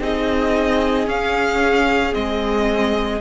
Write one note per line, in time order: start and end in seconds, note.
0.00 1.07 C4
0.00 1.06 D#4
0.00 3.20 G#4
0.00 1.08 D#5
1.06 2.12 C#4
1.06 2.14 C#4
1.06 2.14 F5
2.12 3.20 G#3
2.12 3.19 C4
2.12 3.20 D#5